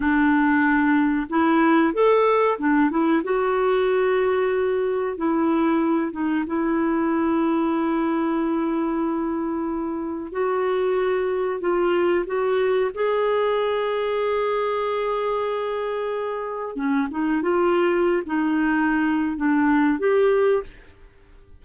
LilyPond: \new Staff \with { instrumentName = "clarinet" } { \time 4/4 \tempo 4 = 93 d'2 e'4 a'4 | d'8 e'8 fis'2. | e'4. dis'8 e'2~ | e'1 |
fis'2 f'4 fis'4 | gis'1~ | gis'2 cis'8 dis'8 f'4~ | f'16 dis'4.~ dis'16 d'4 g'4 | }